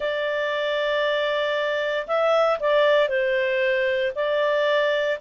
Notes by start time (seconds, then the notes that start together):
0.00 D5
2.07 E5
2.59 D5
3.08 C5
4.15 D5